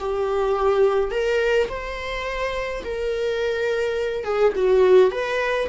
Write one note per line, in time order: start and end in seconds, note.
0.00 1.11 G4
1.11 1.69 A#4
1.70 2.84 C5
2.85 4.25 A#4
4.25 4.53 G#4
4.56 5.12 F#4
5.12 5.69 B4